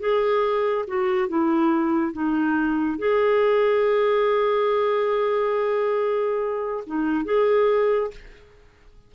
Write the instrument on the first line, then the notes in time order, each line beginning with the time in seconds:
clarinet
0.00 G#4
0.87 F#4
1.29 E4
2.13 D#4
2.99 G#4
6.87 D#4
7.25 G#4